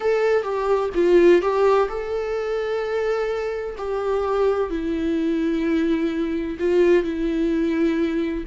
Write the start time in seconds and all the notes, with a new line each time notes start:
0.00 A4
0.42 G4
0.94 F4
1.41 G4
1.88 A4
3.78 G4
4.70 E4
6.59 F4
7.03 E4